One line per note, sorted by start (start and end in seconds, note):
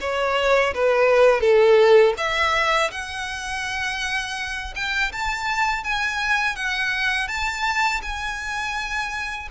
0.00 0.73 C#5
0.74 1.40 B4
1.40 2.13 A4
2.17 2.90 E5
2.91 4.74 F#5
4.75 5.12 G5
5.12 5.83 A5
5.83 6.56 G#5
6.56 7.27 F#5
7.27 8.01 A5
8.02 9.48 G#5